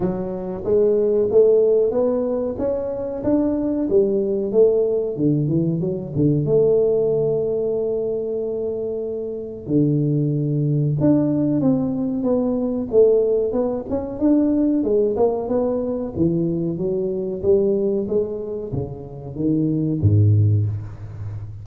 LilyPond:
\new Staff \with { instrumentName = "tuba" } { \time 4/4 \tempo 4 = 93 fis4 gis4 a4 b4 | cis'4 d'4 g4 a4 | d8 e8 fis8 d8 a2~ | a2. d4~ |
d4 d'4 c'4 b4 | a4 b8 cis'8 d'4 gis8 ais8 | b4 e4 fis4 g4 | gis4 cis4 dis4 gis,4 | }